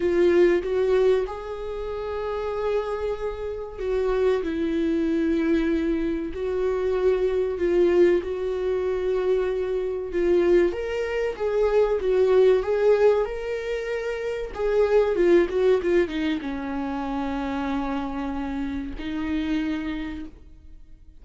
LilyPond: \new Staff \with { instrumentName = "viola" } { \time 4/4 \tempo 4 = 95 f'4 fis'4 gis'2~ | gis'2 fis'4 e'4~ | e'2 fis'2 | f'4 fis'2. |
f'4 ais'4 gis'4 fis'4 | gis'4 ais'2 gis'4 | f'8 fis'8 f'8 dis'8 cis'2~ | cis'2 dis'2 | }